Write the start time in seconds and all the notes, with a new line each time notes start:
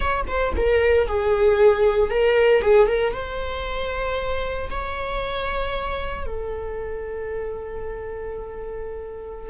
0.00 C#5
0.27 C5
0.56 A#4
1.07 G#4
2.10 A#4
2.61 G#4
2.87 A#4
3.13 C5
4.70 C#5
6.25 A4